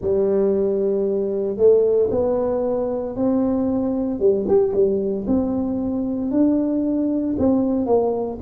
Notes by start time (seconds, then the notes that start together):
0.00 G3
1.56 A3
2.11 B3
3.16 C4
4.19 G3
4.48 G4
4.73 G3
5.27 C4
6.31 D4
7.38 C4
7.86 A#3